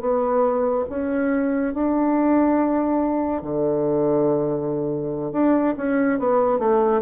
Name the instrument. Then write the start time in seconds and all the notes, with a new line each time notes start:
bassoon
0.00 B3
0.89 C#4
1.74 D4
3.42 D3
5.32 D4
5.77 C#4
6.19 B3
6.59 A3